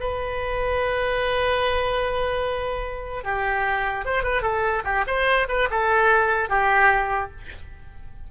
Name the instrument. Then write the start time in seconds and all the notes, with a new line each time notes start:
oboe
0.00 B4
3.24 G4
4.05 C5
4.23 B4
4.42 A4
4.84 G4
5.07 C5
5.48 B4
5.70 A4
6.49 G4